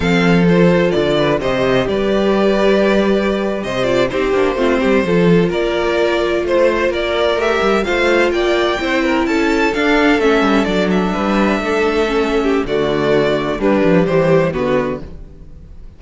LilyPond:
<<
  \new Staff \with { instrumentName = "violin" } { \time 4/4 \tempo 4 = 128 f''4 c''4 d''4 dis''4 | d''2.~ d''8. dis''16~ | dis''16 d''8 c''2. d''16~ | d''4.~ d''16 c''4 d''4 e''16~ |
e''8. f''4 g''2 a''16~ | a''8. f''4 e''4 d''8 e''8.~ | e''2. d''4~ | d''4 b'4 c''4 b'4 | }
  \new Staff \with { instrumentName = "violin" } { \time 4/4 a'2~ a'8 b'8 c''4 | b'2.~ b'8. c''16~ | c''8. g'4 f'8 g'8 a'4 ais'16~ | ais'4.~ ais'16 c''4 ais'4~ ais'16~ |
ais'8. c''4 d''4 c''8 ais'8 a'16~ | a'2.~ a'8. b'16~ | b'8. a'4.~ a'16 g'8 fis'4~ | fis'4 d'4 g'4 fis'4 | }
  \new Staff \with { instrumentName = "viola" } { \time 4/4 c'4 f'2 g'4~ | g'1~ | g'16 f'8 dis'8 d'8 c'4 f'4~ f'16~ | f'2.~ f'8. g'16~ |
g'8. f'2 e'4~ e'16~ | e'8. d'4 cis'4 d'4~ d'16~ | d'4.~ d'16 cis'4~ cis'16 a4~ | a4 g2 b4 | }
  \new Staff \with { instrumentName = "cello" } { \time 4/4 f2 d4 c4 | g2.~ g8. c16~ | c8. c'8 ais8 a8 g8 f4 ais16~ | ais4.~ ais16 a4 ais4 a16~ |
a16 g8 a4 ais4 c'4 cis'16~ | cis'8. d'4 a8 g8 fis4 g16~ | g8. a2~ a16 d4~ | d4 g8 f8 e4 d4 | }
>>